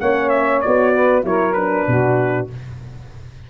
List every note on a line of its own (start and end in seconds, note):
0.00 0.64 A#3
0.00 0.64 C#4
0.00 0.93 C#5
0.00 0.29 F#5
0.29 0.61 E5
0.61 1.24 B3
0.61 1.23 F#4
0.61 1.23 D5
0.93 1.25 B4
1.23 1.86 F#3
1.23 1.54 E4
1.23 1.88 A#4
1.23 1.53 C#5
1.53 2.50 D4
1.53 2.47 B4
1.88 2.50 B2
1.88 2.50 F#4